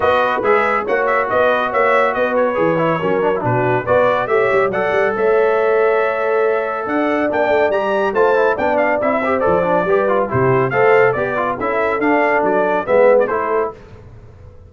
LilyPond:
<<
  \new Staff \with { instrumentName = "trumpet" } { \time 4/4 \tempo 4 = 140 dis''4 e''4 fis''8 e''8 dis''4 | e''4 dis''8 cis''2~ cis''8 | b'4 d''4 e''4 fis''4 | e''1 |
fis''4 g''4 ais''4 a''4 | g''8 f''8 e''4 d''2 | c''4 f''4 d''4 e''4 | f''4 d''4 e''8. d''16 c''4 | }
  \new Staff \with { instrumentName = "horn" } { \time 4/4 b'2 cis''4 b'4 | cis''4 b'2 ais'4 | fis'4 b'4 cis''4 d''4 | cis''1 |
d''2. c''4 | d''4. c''4. b'4 | g'4 c''4 d''4 a'4~ | a'2 b'4 a'4 | }
  \new Staff \with { instrumentName = "trombone" } { \time 4/4 fis'4 gis'4 fis'2~ | fis'2 gis'8 e'8 cis'8 d'16 e'16 | d'4 fis'4 g'4 a'4~ | a'1~ |
a'4 d'4 g'4 f'8 e'8 | d'4 e'8 g'8 a'8 d'8 g'8 f'8 | e'4 a'4 g'8 f'8 e'4 | d'2 b4 e'4 | }
  \new Staff \with { instrumentName = "tuba" } { \time 4/4 b4 gis4 ais4 b4 | ais4 b4 e4 fis4 | b,4 b4 a8 g8 fis8 g8 | a1 |
d'4 ais8 a8 g4 a4 | b4 c'4 f4 g4 | c4 a4 b4 cis'4 | d'4 fis4 gis4 a4 | }
>>